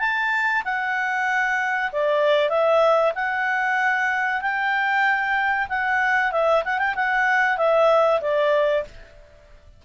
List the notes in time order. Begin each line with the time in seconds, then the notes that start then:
0.00 A5
0.65 F#5
1.93 D5
2.50 E5
3.16 F#5
4.42 G5
5.69 F#5
6.32 E5
6.65 F#5
6.79 G5
6.96 F#5
7.58 E5
8.21 D5